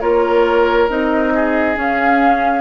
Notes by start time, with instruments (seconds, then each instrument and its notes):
0.00 bassoon A#3, clarinet F4, oboe A#4, flute C#5
0.89 bassoon C4, clarinet D#4, flute D#5
1.34 oboe G#4
1.76 clarinet C#4, bassoon C#4, flute F5